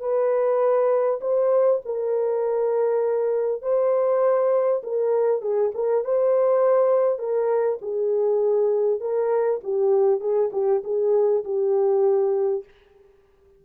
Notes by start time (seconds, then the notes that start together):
0.00 B4
1.21 C5
1.85 A#4
3.62 C5
4.83 A#4
5.42 G#4
5.74 A#4
6.04 C5
7.19 A#4
7.82 G#4
9.01 A#4
9.64 G4
10.20 G#4
10.52 G4
10.84 G#4
11.44 G4